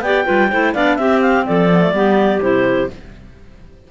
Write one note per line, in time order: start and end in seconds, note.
0.00 0.24 B3
0.00 0.25 G4
0.00 0.24 D5
0.00 0.73 G5
0.24 0.52 G3
0.24 0.48 F4
0.24 0.48 B4
0.50 0.74 A3
0.50 0.75 E4
0.50 0.73 C5
0.73 0.98 B3
0.73 0.99 D4
0.73 0.97 D5
0.73 0.96 F5
0.96 1.45 C4
0.96 1.70 C4
0.96 1.46 G4
0.96 1.20 E5
1.21 1.45 F5
1.45 1.91 F3
1.45 1.94 A4
1.45 2.41 D5
1.71 1.80 B3
1.80 1.92 A3
1.91 2.39 G3
1.91 2.40 B3
1.91 2.90 G4
2.40 2.89 C3
2.40 2.87 E4
2.40 2.89 C5